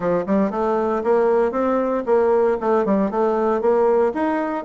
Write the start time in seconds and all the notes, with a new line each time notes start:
0.00 F3
0.26 G3
0.51 A3
1.03 A#3
1.51 C4
2.05 A#3
2.60 A3
2.85 G3
3.11 A3
3.61 A#3
4.14 D#4